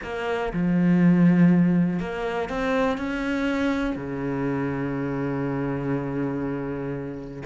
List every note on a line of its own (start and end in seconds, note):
0.03 0.52 A#3
0.53 1.99 F3
1.99 2.49 A#3
2.49 2.97 C4
2.97 3.96 C#4
3.96 7.43 C#3